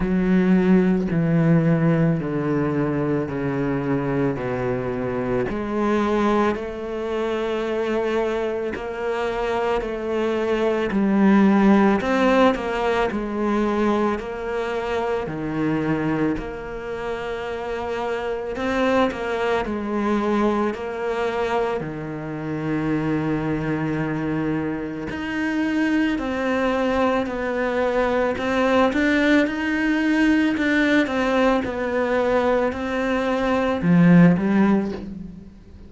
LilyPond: \new Staff \with { instrumentName = "cello" } { \time 4/4 \tempo 4 = 55 fis4 e4 d4 cis4 | b,4 gis4 a2 | ais4 a4 g4 c'8 ais8 | gis4 ais4 dis4 ais4~ |
ais4 c'8 ais8 gis4 ais4 | dis2. dis'4 | c'4 b4 c'8 d'8 dis'4 | d'8 c'8 b4 c'4 f8 g8 | }